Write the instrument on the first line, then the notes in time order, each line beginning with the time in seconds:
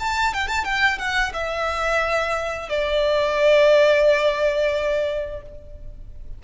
violin
0.00 A5
0.34 G5
0.48 A5
0.64 G5
0.99 F#5
1.33 E5
2.70 D5